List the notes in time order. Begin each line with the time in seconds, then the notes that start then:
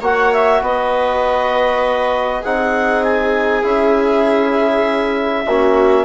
0.00 A#3 F#4 C#5 F#5
0.32 E5
0.61 B3 B4 D#5
2.41 C4 D#4 G#4 F#5
3.03 G#5
3.63 C#4 E4 E5
5.46 A#3 C#4 F#4